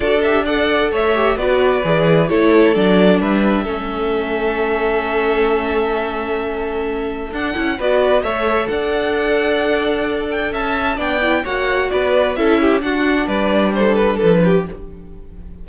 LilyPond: <<
  \new Staff \with { instrumentName = "violin" } { \time 4/4 \tempo 4 = 131 d''8 e''8 fis''4 e''4 d''4~ | d''4 cis''4 d''4 e''4~ | e''1~ | e''1 |
fis''4 d''4 e''4 fis''4~ | fis''2~ fis''8 g''8 a''4 | g''4 fis''4 d''4 e''4 | fis''4 d''4 c''8 b'8 a'8 g'8 | }
  \new Staff \with { instrumentName = "violin" } { \time 4/4 a'4 d''4 cis''4 b'4~ | b'4 a'2 b'4 | a'1~ | a'1~ |
a'4 b'4 cis''4 d''4~ | d''2. e''4 | d''4 cis''4 b'4 a'8 g'8 | fis'4 b'4 a'4 b'4 | }
  \new Staff \with { instrumentName = "viola" } { \time 4/4 fis'8 g'8 a'4. g'8 fis'4 | gis'4 e'4 d'2 | cis'1~ | cis'1 |
d'8 e'8 fis'4 a'2~ | a'1 | d'8 e'8 fis'2 e'4 | d'1 | }
  \new Staff \with { instrumentName = "cello" } { \time 4/4 d'2 a4 b4 | e4 a4 fis4 g4 | a1~ | a1 |
d'8 cis'8 b4 a4 d'4~ | d'2. cis'4 | b4 ais4 b4 cis'4 | d'4 g2 f4 | }
>>